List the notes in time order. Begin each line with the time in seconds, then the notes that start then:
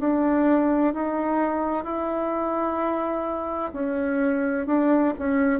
0.00 D4
0.94 D#4
1.85 E4
3.73 C#4
4.67 D4
5.19 C#4